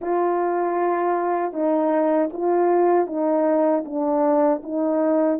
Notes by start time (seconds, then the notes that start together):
0.01 F4
1.52 D#4
2.33 F4
3.07 D#4
3.85 D4
4.63 D#4